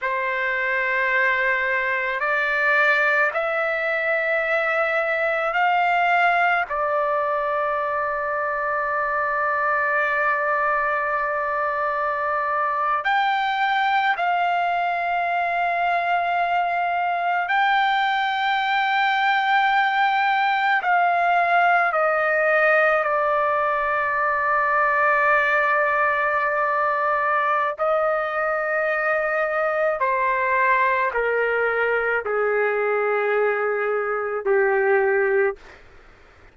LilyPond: \new Staff \with { instrumentName = "trumpet" } { \time 4/4 \tempo 4 = 54 c''2 d''4 e''4~ | e''4 f''4 d''2~ | d''2.~ d''8. g''16~ | g''8. f''2. g''16~ |
g''2~ g''8. f''4 dis''16~ | dis''8. d''2.~ d''16~ | d''4 dis''2 c''4 | ais'4 gis'2 g'4 | }